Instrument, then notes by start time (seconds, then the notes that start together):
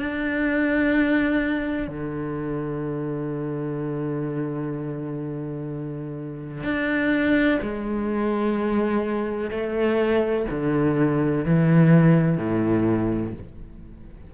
cello
0.00 D4
1.88 D3
6.64 D4
7.62 G#3
9.51 A3
10.50 D3
11.45 E3
12.38 A2